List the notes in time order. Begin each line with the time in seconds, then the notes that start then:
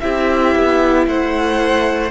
0.00 C4 E4 G4 E5
0.55 B3
1.06 A3 C5 F#5